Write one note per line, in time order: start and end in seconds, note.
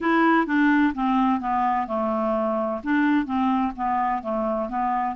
0.00 0.46 E4
0.46 0.93 D4
0.94 1.40 C4
1.40 1.87 B3
1.87 2.81 A3
2.83 3.25 D4
3.25 3.72 C4
3.75 4.22 B3
4.22 4.69 A3
4.69 5.15 B3